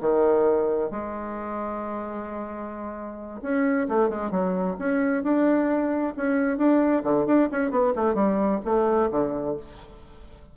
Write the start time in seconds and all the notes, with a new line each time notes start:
0.00 D#3
0.90 G#3
3.42 C#4
3.88 A3
4.09 G#3
4.30 F#3
4.79 C#4
5.23 D4
6.17 C#4
6.57 D4
7.03 D3
7.26 D4
7.51 C#4
7.70 B3
7.95 A3
8.14 G3
8.64 A3
9.10 D3